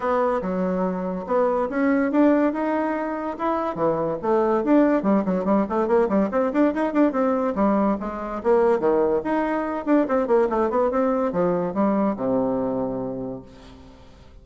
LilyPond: \new Staff \with { instrumentName = "bassoon" } { \time 4/4 \tempo 4 = 143 b4 fis2 b4 | cis'4 d'4 dis'2 | e'4 e4 a4 d'4 | g8 fis8 g8 a8 ais8 g8 c'8 d'8 |
dis'8 d'8 c'4 g4 gis4 | ais4 dis4 dis'4. d'8 | c'8 ais8 a8 b8 c'4 f4 | g4 c2. | }